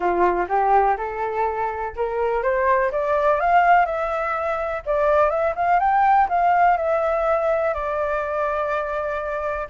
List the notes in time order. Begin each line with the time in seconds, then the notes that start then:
0.00 F4
0.48 G4
0.97 A4
1.96 A#4
2.43 C5
2.91 D5
3.39 F5
3.85 E5
4.85 D5
5.30 E5
5.55 F5
5.79 G5
6.29 F5
6.77 E5
7.74 D5